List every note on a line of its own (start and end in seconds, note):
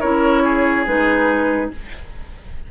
0.00 0.87 C#4
0.00 0.87 E4
0.00 0.42 A#4
0.00 0.85 C#5
0.44 1.71 G#4
0.87 1.71 G#3
0.87 1.71 D#4
0.87 1.71 B4